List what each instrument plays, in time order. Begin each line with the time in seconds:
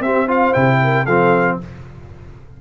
0.00 tuba C4, trombone C4, horn G4, trumpet E5
0.26 trombone F4, horn C5, trumpet F5
0.54 tuba C3, trombone E4, trumpet G5
0.83 horn A#4
1.05 tuba F3, trombone C4, horn A4, trumpet F5